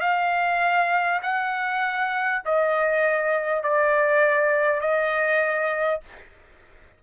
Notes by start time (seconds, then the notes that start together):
0.00 F5
1.22 F#5
2.45 D#5
3.63 D5
4.81 D#5